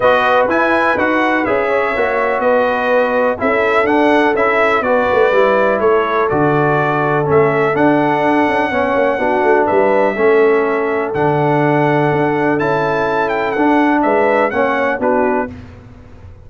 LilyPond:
<<
  \new Staff \with { instrumentName = "trumpet" } { \time 4/4 \tempo 4 = 124 dis''4 gis''4 fis''4 e''4~ | e''4 dis''2 e''4 | fis''4 e''4 d''2 | cis''4 d''2 e''4 |
fis''1 | e''2. fis''4~ | fis''2 a''4. g''8 | fis''4 e''4 fis''4 b'4 | }
  \new Staff \with { instrumentName = "horn" } { \time 4/4 b'2.~ b'8 cis''8~ | cis''4 b'2 a'4~ | a'2 b'2 | a'1~ |
a'2 cis''4 fis'4 | b'4 a'2.~ | a'1~ | a'4 b'4 cis''4 fis'4 | }
  \new Staff \with { instrumentName = "trombone" } { \time 4/4 fis'4 e'4 fis'4 gis'4 | fis'2. e'4 | d'4 e'4 fis'4 e'4~ | e'4 fis'2 cis'4 |
d'2 cis'4 d'4~ | d'4 cis'2 d'4~ | d'2 e'2 | d'2 cis'4 d'4 | }
  \new Staff \with { instrumentName = "tuba" } { \time 4/4 b4 e'4 dis'4 cis'4 | ais4 b2 cis'4 | d'4 cis'4 b8 a8 g4 | a4 d2 a4 |
d'4. cis'8 b8 ais8 b8 a8 | g4 a2 d4~ | d4 d'4 cis'2 | d'4 gis4 ais4 b4 | }
>>